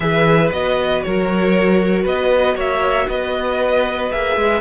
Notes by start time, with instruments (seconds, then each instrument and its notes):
0.00 cello E3, viola G#4, violin B4 E5
0.52 cello B3, viola F#4, violin D#5
1.02 cello F#3, violin A#4 C#5
2.02 cello B3, violin B4 D#5
2.55 cello A#3, violin C#5 E5
3.08 cello B3, violin B4 D#5
4.11 cello A#3, viola G#4, violin E5
4.36 cello G#3